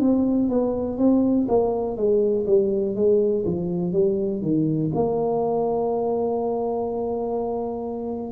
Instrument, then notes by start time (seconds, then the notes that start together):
tuba
0.00 C4
0.49 B3
0.98 C4
1.48 A#3
1.97 G#3
2.46 G3
2.96 G#3
3.45 F3
3.93 G3
4.42 D#3
4.94 A#3